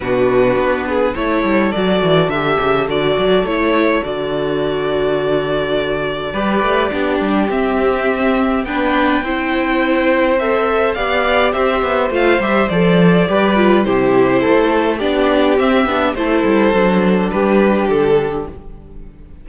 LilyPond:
<<
  \new Staff \with { instrumentName = "violin" } { \time 4/4 \tempo 4 = 104 b'2 cis''4 d''4 | e''4 d''4 cis''4 d''4~ | d''1~ | d''4 e''2 g''4~ |
g''2 e''4 f''4 | e''4 f''8 e''8 d''2 | c''2 d''4 e''4 | c''2 b'4 a'4 | }
  \new Staff \with { instrumentName = "violin" } { \time 4/4 fis'4. gis'8 a'2~ | a'1~ | a'2. b'4 | g'2. b'4 |
c''2. d''4 | c''2. b'4 | g'4 a'4 g'2 | a'2 g'2 | }
  \new Staff \with { instrumentName = "viola" } { \time 4/4 d'2 e'4 fis'4 | g'4 fis'4 e'4 fis'4~ | fis'2. g'4 | d'4 c'2 d'4 |
e'2 a'4 g'4~ | g'4 f'8 g'8 a'4 g'8 f'8 | e'2 d'4 c'8 d'8 | e'4 d'2. | }
  \new Staff \with { instrumentName = "cello" } { \time 4/4 b,4 b4 a8 g8 fis8 e8 | d8 cis8 d8 fis8 a4 d4~ | d2. g8 a8 | b8 g8 c'2 b4 |
c'2. b4 | c'8 b8 a8 g8 f4 g4 | c4 a4 b4 c'8 b8 | a8 g8 fis4 g4 d4 | }
>>